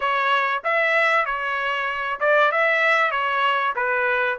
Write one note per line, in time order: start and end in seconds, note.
0.00 0.62 C#5
0.63 1.25 E5
1.25 2.19 C#5
2.20 2.51 D5
2.51 3.11 E5
3.11 3.73 C#5
3.75 4.38 B4